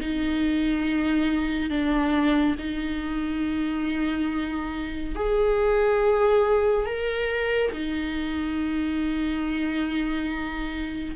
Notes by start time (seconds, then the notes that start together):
0.00 D#4
1.69 D4
2.58 D#4
5.15 G#4
6.86 A#4
7.72 D#4